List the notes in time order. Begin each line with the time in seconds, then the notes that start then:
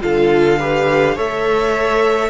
0.00 D3 F4 A4 F5
0.59 G4 B4
1.14 A3 A4 C#5 E5